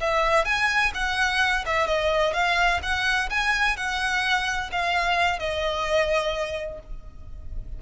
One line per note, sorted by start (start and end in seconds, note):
0.00 0.45 E5
0.45 0.91 G#5
0.94 1.64 F#5
1.65 1.86 E5
1.86 2.33 D#5
2.33 2.80 F5
2.82 3.29 F#5
3.29 3.76 G#5
3.76 4.70 F#5
4.72 5.38 F5
5.38 6.79 D#5